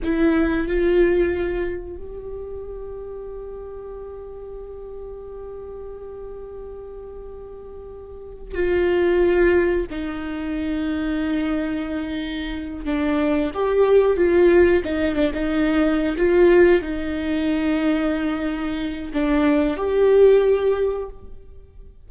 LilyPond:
\new Staff \with { instrumentName = "viola" } { \time 4/4 \tempo 4 = 91 e'4 f'2 g'4~ | g'1~ | g'1~ | g'4 f'2 dis'4~ |
dis'2.~ dis'8 d'8~ | d'8 g'4 f'4 dis'8 d'16 dis'8.~ | dis'8 f'4 dis'2~ dis'8~ | dis'4 d'4 g'2 | }